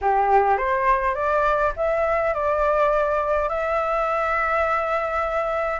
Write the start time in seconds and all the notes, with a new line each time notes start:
0.01 G4
0.57 C5
1.14 D5
1.76 E5
2.34 D5
3.48 E5